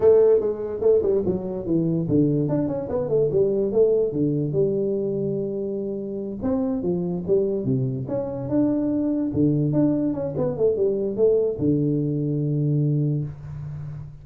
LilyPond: \new Staff \with { instrumentName = "tuba" } { \time 4/4 \tempo 4 = 145 a4 gis4 a8 g8 fis4 | e4 d4 d'8 cis'8 b8 a8 | g4 a4 d4 g4~ | g2.~ g8 c'8~ |
c'8 f4 g4 c4 cis'8~ | cis'8 d'2 d4 d'8~ | d'8 cis'8 b8 a8 g4 a4 | d1 | }